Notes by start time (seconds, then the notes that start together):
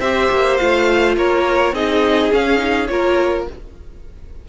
0.00 C4 G4 C5 E5
0.31 A#3
0.57 A3 F4 F5
1.17 A#3 A#4 C#5
1.73 C4 D#4 G#4 D#5
2.32 C#4 F5
2.57 D#4
2.87 A#3 F4 A#4 C#5